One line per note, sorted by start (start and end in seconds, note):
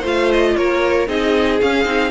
0.00 0.56 A3
0.00 1.07 F4
0.00 0.52 C5
0.07 0.32 F5
0.32 0.56 D#5
0.56 1.08 A#3
0.56 1.08 A#4
0.56 1.08 C#5
1.07 1.60 C4
1.07 1.59 D#4
1.07 2.11 G#4
1.07 1.61 D#5
1.61 1.85 C#4
1.61 2.11 F5
1.85 2.11 C4
1.85 2.11 D#4